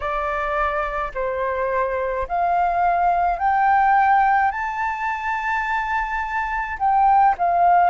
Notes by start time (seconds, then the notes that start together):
0.00 D5
1.14 C5
2.27 F5
3.39 G5
4.51 A5
6.78 G5
7.37 F5